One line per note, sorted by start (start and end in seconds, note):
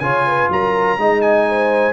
0.00 0.49 C#3
0.00 0.99 F4
0.00 0.27 C#5
0.00 0.49 G#5
0.27 0.51 B4
0.49 0.98 F#3
0.49 0.98 A#4
0.49 1.21 A#5
0.98 1.93 G#3
0.98 1.93 D#4
0.98 1.47 D#5
1.21 1.93 G#5
1.49 1.93 C5